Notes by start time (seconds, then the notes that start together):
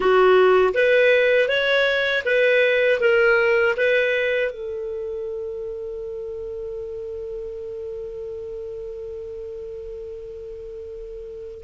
0.00 F#4
0.74 B4
1.48 C#5
2.25 B4
3.00 A#4
3.76 B4
4.51 A4